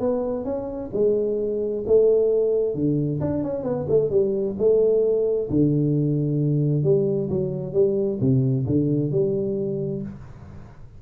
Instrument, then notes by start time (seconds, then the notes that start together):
tuba
0.00 B3
0.45 C#4
0.93 G#3
1.87 A3
2.75 D3
3.21 D4
3.43 C#4
3.64 B3
3.89 A3
4.11 G3
4.58 A3
5.50 D3
6.84 G3
7.30 F#3
7.73 G3
8.21 C3
8.66 D3
9.11 G3